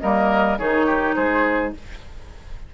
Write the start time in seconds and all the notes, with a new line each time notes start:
0.00 G3 A#3 A#4 D#5
0.58 D#3 D#4 G#4 C#5
0.86 G4
1.15 G#3 G#4 C5